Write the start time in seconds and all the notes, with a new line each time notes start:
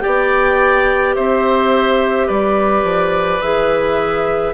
0.00 B3 G4 D5 G5
1.15 C4 C5 E5
2.27 G3 B4 D5
2.83 F3
3.41 E3 G#4 E5